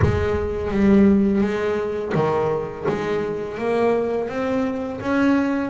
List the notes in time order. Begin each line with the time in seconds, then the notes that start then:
0.02 G#3
0.71 G3
1.41 G#3
2.14 D#3
2.88 G#3
3.57 A#3
4.28 C4
5.00 C#4